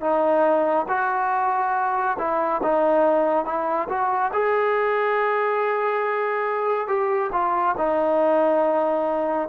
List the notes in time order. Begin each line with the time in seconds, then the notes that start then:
0.00 D#4
0.88 F#4
2.18 E4
2.63 D#4
3.45 E4
3.89 F#4
4.33 G#4
6.87 G4
7.32 F4
7.78 D#4